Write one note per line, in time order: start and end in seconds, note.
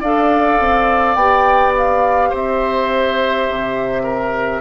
0.00 0.59 D4
0.00 1.17 A4
0.00 2.29 D5
0.00 1.15 F5
0.59 1.15 C4
1.15 2.30 B3
1.15 4.61 G4
1.15 1.72 G5
1.77 2.35 F5
2.29 3.49 C4
2.29 4.02 C5
2.29 4.61 E5
3.49 4.61 C3
4.03 4.61 A#4